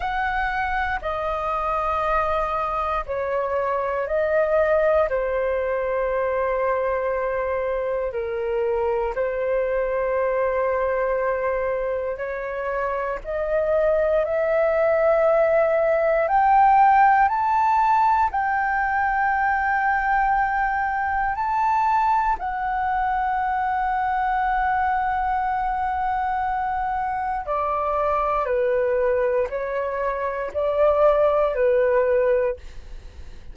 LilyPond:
\new Staff \with { instrumentName = "flute" } { \time 4/4 \tempo 4 = 59 fis''4 dis''2 cis''4 | dis''4 c''2. | ais'4 c''2. | cis''4 dis''4 e''2 |
g''4 a''4 g''2~ | g''4 a''4 fis''2~ | fis''2. d''4 | b'4 cis''4 d''4 b'4 | }